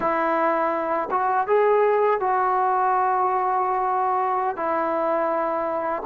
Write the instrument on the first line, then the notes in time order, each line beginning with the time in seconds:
trombone
0.00 E4
1.10 F#4
1.47 G#4
2.20 F#4
4.56 E4